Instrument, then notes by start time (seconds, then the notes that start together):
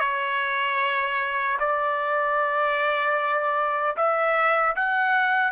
trumpet
0.00 C#5
1.60 D5
3.97 E5
4.76 F#5